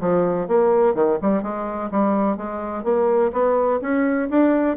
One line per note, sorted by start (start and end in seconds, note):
0.00 0.47 F3
0.47 0.94 A#3
0.94 1.18 D#3
1.21 1.42 G3
1.42 1.90 G#3
1.90 2.36 G3
2.36 2.83 G#3
2.83 3.31 A#3
3.32 3.80 B3
3.81 4.29 C#4
4.29 4.77 D4